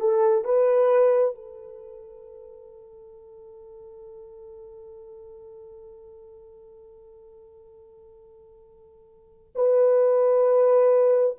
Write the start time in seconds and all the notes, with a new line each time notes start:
0.00 A4
0.44 B4
1.35 A4
9.55 B4